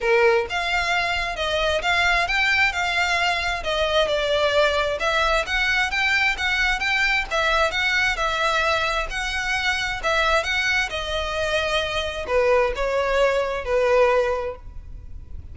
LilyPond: \new Staff \with { instrumentName = "violin" } { \time 4/4 \tempo 4 = 132 ais'4 f''2 dis''4 | f''4 g''4 f''2 | dis''4 d''2 e''4 | fis''4 g''4 fis''4 g''4 |
e''4 fis''4 e''2 | fis''2 e''4 fis''4 | dis''2. b'4 | cis''2 b'2 | }